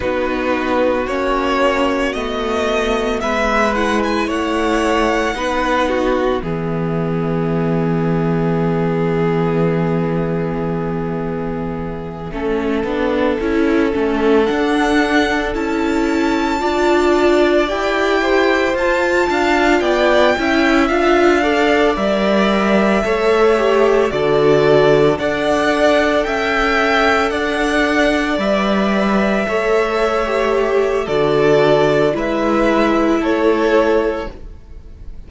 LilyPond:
<<
  \new Staff \with { instrumentName = "violin" } { \time 4/4 \tempo 4 = 56 b'4 cis''4 dis''4 e''8 fis''16 gis''16 | fis''2 e''2~ | e''1~ | e''4. fis''4 a''4.~ |
a''8 g''4 a''4 g''4 f''8~ | f''8 e''2 d''4 fis''8~ | fis''8 g''4 fis''4 e''4.~ | e''4 d''4 e''4 cis''4 | }
  \new Staff \with { instrumentName = "violin" } { \time 4/4 fis'2. b'4 | cis''4 b'8 fis'8 gis'2~ | gis'2.~ gis'8 a'8~ | a'2.~ a'8 d''8~ |
d''4 c''4 f''8 d''8 e''4 | d''4. cis''4 a'4 d''8~ | d''8 e''4 d''2 cis''8~ | cis''4 a'4 b'4 a'4 | }
  \new Staff \with { instrumentName = "viola" } { \time 4/4 dis'4 cis'4 b4. e'8~ | e'4 dis'4 b2~ | b2.~ b8 cis'8 | d'8 e'8 cis'8 d'4 e'4 f'8~ |
f'8 g'4 f'4. e'8 f'8 | a'8 ais'4 a'8 g'8 fis'4 a'8~ | a'2~ a'8 b'4 a'8~ | a'16 g'8. fis'4 e'2 | }
  \new Staff \with { instrumentName = "cello" } { \time 4/4 b4 ais4 a4 gis4 | a4 b4 e2~ | e2.~ e8 a8 | b8 cis'8 a8 d'4 cis'4 d'8~ |
d'8 e'4 f'8 d'8 b8 cis'8 d'8~ | d'8 g4 a4 d4 d'8~ | d'8 cis'4 d'4 g4 a8~ | a4 d4 gis4 a4 | }
>>